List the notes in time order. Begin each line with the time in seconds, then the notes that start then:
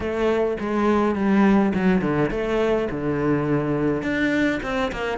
0.00 A3
0.60 G#3
1.15 G3
1.74 F#3
2.01 D3
2.30 A3
2.91 D3
4.02 D4
4.62 C4
4.91 A#3